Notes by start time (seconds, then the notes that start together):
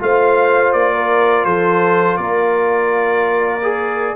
0.00 A3 F4 C5 F5
0.73 A#3 D5
0.94 A#4
1.45 F3 A4 C5
2.17 A#3 A#4 D5
3.63 G#4